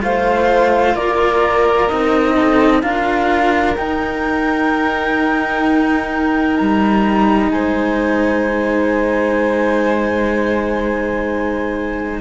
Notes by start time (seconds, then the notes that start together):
0.00 A3 F4 C5 F5
0.95 A#3 A#4 D5
1.88 C4 D#4 D#5
2.35 A4
2.81 D4 F4 A#4 F5
3.76 D#4 G5
6.56 G3 A#5
7.51 G#3 C5 G#5